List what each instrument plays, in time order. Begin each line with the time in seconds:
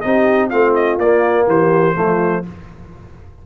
0.00 tuba C4, trombone D#4, horn G4, trumpet D#5
0.48 tuba A3, trombone C4, horn F4, trumpet F5
0.74 trumpet D#5
0.98 tuba A#3, trombone A#3, trumpet D5
1.47 tuba E3, horn G4, trumpet C5
1.95 tuba F3, trombone A3, horn F4